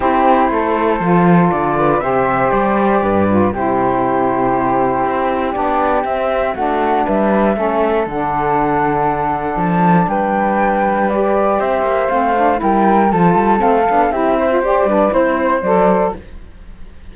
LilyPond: <<
  \new Staff \with { instrumentName = "flute" } { \time 4/4 \tempo 4 = 119 c''2. d''4 | e''4 d''2 c''4~ | c''2. d''4 | e''4 fis''4 e''2 |
fis''2. a''4 | g''2 d''4 e''4 | f''4 g''4 a''4 f''4 | e''4 d''4 c''4 d''4 | }
  \new Staff \with { instrumentName = "flute" } { \time 4/4 g'4 a'2~ a'8 b'8 | c''2 b'4 g'4~ | g'1~ | g'4 fis'4 b'4 a'4~ |
a'1 | b'2. c''4~ | c''4 ais'4 a'2 | g'8 c''4 b'8 c''2 | }
  \new Staff \with { instrumentName = "saxophone" } { \time 4/4 e'2 f'2 | g'2~ g'8 f'8 e'4~ | e'2. d'4 | c'4 d'2 cis'4 |
d'1~ | d'2 g'2 | c'8 d'8 e'4 f'4 c'8 d'8 | e'8. f'16 g'8 d'8 e'4 a'4 | }
  \new Staff \with { instrumentName = "cello" } { \time 4/4 c'4 a4 f4 d4 | c4 g4 g,4 c4~ | c2 c'4 b4 | c'4 a4 g4 a4 |
d2. f4 | g2. c'8 ais8 | a4 g4 f8 g8 a8 b8 | c'4 g'8 g8 c'4 fis4 | }
>>